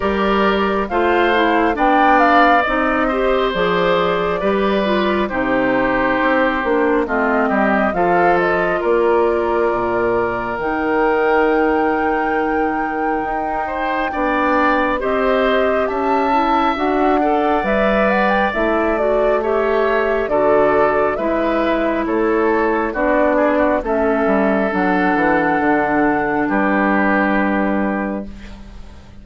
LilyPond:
<<
  \new Staff \with { instrumentName = "flute" } { \time 4/4 \tempo 4 = 68 d''4 f''4 g''8 f''8 dis''4 | d''2 c''2 | dis''4 f''8 dis''8 d''2 | g''1~ |
g''4 dis''4 a''4 fis''4 | e''8 fis''16 g''16 e''8 d''8 e''4 d''4 | e''4 cis''4 d''4 e''4 | fis''2 b'2 | }
  \new Staff \with { instrumentName = "oboe" } { \time 4/4 ais'4 c''4 d''4. c''8~ | c''4 b'4 g'2 | f'8 g'8 a'4 ais'2~ | ais'2.~ ais'8 c''8 |
d''4 c''4 e''4. d''8~ | d''2 cis''4 a'4 | b'4 a'4 fis'8 gis'16 fis'16 a'4~ | a'2 g'2 | }
  \new Staff \with { instrumentName = "clarinet" } { \time 4/4 g'4 f'8 e'8 d'4 dis'8 g'8 | gis'4 g'8 f'8 dis'4. d'8 | c'4 f'2. | dis'1 |
d'4 g'4. e'8 fis'8 a'8 | b'4 e'8 fis'8 g'4 fis'4 | e'2 d'4 cis'4 | d'1 | }
  \new Staff \with { instrumentName = "bassoon" } { \time 4/4 g4 a4 b4 c'4 | f4 g4 c4 c'8 ais8 | a8 g8 f4 ais4 ais,4 | dis2. dis'4 |
b4 c'4 cis'4 d'4 | g4 a2 d4 | gis4 a4 b4 a8 g8 | fis8 e8 d4 g2 | }
>>